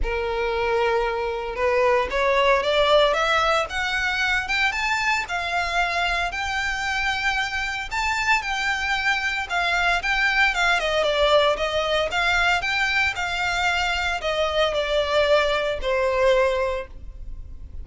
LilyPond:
\new Staff \with { instrumentName = "violin" } { \time 4/4 \tempo 4 = 114 ais'2. b'4 | cis''4 d''4 e''4 fis''4~ | fis''8 g''8 a''4 f''2 | g''2. a''4 |
g''2 f''4 g''4 | f''8 dis''8 d''4 dis''4 f''4 | g''4 f''2 dis''4 | d''2 c''2 | }